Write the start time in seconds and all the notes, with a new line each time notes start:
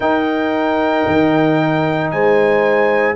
0.00 D#4 A#4 G5
1.07 D#3
2.11 G#3 C5 G#5